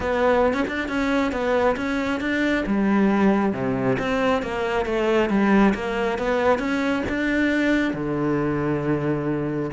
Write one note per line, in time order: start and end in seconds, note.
0.00 0.53 B3
0.53 0.64 C#4
0.67 0.88 D4
0.88 1.31 C#4
1.31 1.75 B3
1.76 2.20 C#4
2.20 2.64 D4
2.66 3.53 G3
3.53 3.97 C3
3.98 4.42 C4
4.42 4.85 A#3
4.85 5.29 A3
5.29 5.73 G3
5.74 6.18 A#3
6.18 6.58 B3
6.58 7.02 C#4
7.08 7.93 D4
7.93 9.70 D3